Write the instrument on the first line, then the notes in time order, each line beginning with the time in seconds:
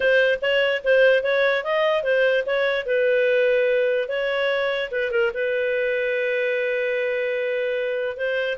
clarinet
0.00 C5
0.41 C#5
0.84 C5
1.23 C#5
1.64 D#5
2.03 C5
2.45 C#5
2.86 B4
4.08 C#5
4.91 B4
5.11 A#4
5.34 B4
8.16 C5